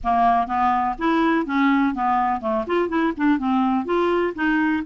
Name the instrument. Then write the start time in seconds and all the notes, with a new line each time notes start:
clarinet
0.03 A#3
0.47 B3
0.98 E4
1.46 C#4
1.94 B3
2.40 A3
2.66 F4
2.88 E4
3.16 D4
3.38 C4
3.85 F4
4.35 D#4